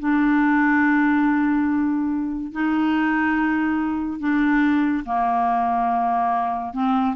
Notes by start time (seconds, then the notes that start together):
0.00 D4
2.53 D#4
4.20 D4
5.06 A#3
6.74 C4